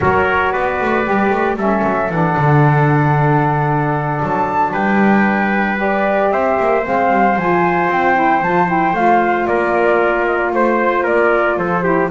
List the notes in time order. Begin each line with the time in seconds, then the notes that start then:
0.00 F#3 F#4 A#4 C#5
0.52 B3 B4 D5
0.80 A3
1.04 G3 G4
1.30 A3
1.56 G3 C#4 A4 E5
1.83 F#3
2.09 E3 D4 F#5
2.36 D3
4.22 F#3 A5
4.72 G3 B4 G5
5.76 G4 D5
6.31 C4 C5 E5
6.59 A#3
6.84 G#3 C4 F5
7.11 G3
7.36 F3 F4 G#5
7.89 C4 G5
8.14 E4
8.41 F3 F4 A5
8.67 E4 G5
8.93 A3 F4 F5
9.46 A#3 A#4 D5
10.25 D#5
10.37 D5
10.52 A3 C5
11.03 A#3 A#4 D5
11.57 F3 A4 C5
11.82 E4 G4